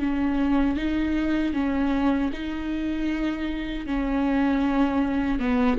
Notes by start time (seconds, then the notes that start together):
0.00 C#4
0.77 D#4
1.54 C#4
2.33 D#4
3.86 C#4
5.40 B3